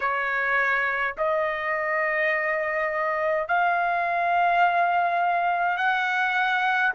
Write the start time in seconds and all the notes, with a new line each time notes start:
0.00 C#5
1.17 D#5
3.48 F5
5.77 F#5